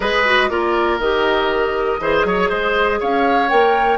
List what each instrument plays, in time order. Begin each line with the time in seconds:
0.00 bassoon G#3, clarinet G#4, oboe B4, flute D#5
0.24 clarinet F#4
0.49 bassoon A#3, clarinet F4, oboe A#4, flute D5
0.99 bassoon D#3, clarinet G4, flute D#5
2.00 bassoon E3, clarinet G#4, oboe C5
2.24 bassoon F#3, oboe C#5
2.49 bassoon G#3, oboe C5
2.99 bassoon C#4, oboe C#5, flute F5
3.48 bassoon A#3, clarinet A#4, flute G5